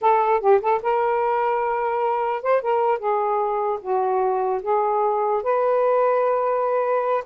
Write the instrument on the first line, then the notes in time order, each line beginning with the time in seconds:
saxophone
0.01 A4
0.40 G4
0.61 A4
0.82 A#4
2.42 C5
2.61 A#4
2.98 G#4
3.81 F#4
4.62 G#4
5.42 B4